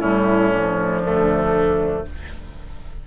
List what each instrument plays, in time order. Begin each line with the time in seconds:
0.00 bassoon A2, clarinet G3, oboe C#4, flute E4
0.53 clarinet F3, flute D4
1.04 bassoon D2, oboe A3